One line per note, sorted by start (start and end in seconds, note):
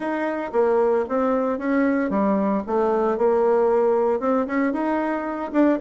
0.00 0.51 D#4
0.52 1.05 A#3
1.08 1.58 C4
1.58 2.10 C#4
2.10 2.62 G3
2.66 3.17 A3
3.17 4.20 A#3
4.20 4.46 C4
4.46 4.72 C#4
4.72 5.51 D#4
5.52 5.78 D4